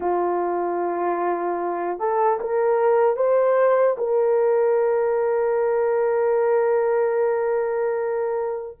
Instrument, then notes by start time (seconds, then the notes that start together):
horn
0.00 F4
1.99 A4
2.40 A#4
3.16 C5
3.97 A#4